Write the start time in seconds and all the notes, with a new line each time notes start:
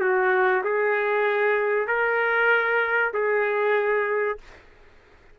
0.00 F#4
0.64 G#4
1.87 A#4
3.13 G#4